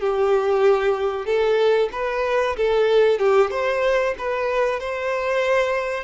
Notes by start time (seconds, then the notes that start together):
0.00 G4
1.25 A4
1.92 B4
2.56 A4
3.19 G4
3.50 C5
4.18 B4
4.80 C5